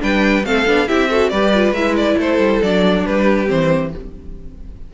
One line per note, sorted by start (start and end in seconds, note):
0.00 0.45 G3
0.00 0.43 D4
0.00 0.46 B4
0.00 0.45 G5
0.45 0.66 A3
0.45 0.67 C4
0.45 0.89 A4
0.45 0.89 F5
0.67 0.89 B3
0.67 0.88 D4
0.88 1.32 C4
0.88 1.10 E4
0.88 1.10 G4
0.88 1.30 E5
1.10 1.32 F#4
1.10 1.32 A4
1.30 1.72 G3
1.30 1.54 G4
1.30 2.18 B4
1.30 1.73 D5
1.55 1.76 F4
1.72 2.16 G#3
1.72 2.64 E4
1.72 1.96 E5
1.97 2.19 D5
2.18 2.39 A3
2.18 3.05 A4
2.18 2.63 C5
2.39 2.61 G3
2.63 3.07 F#3
2.63 3.47 D4
2.63 3.06 D5
3.06 3.50 G3
3.06 3.94 G4
3.06 3.50 B4
3.47 3.95 E3
3.47 3.91 C4
3.47 3.93 C5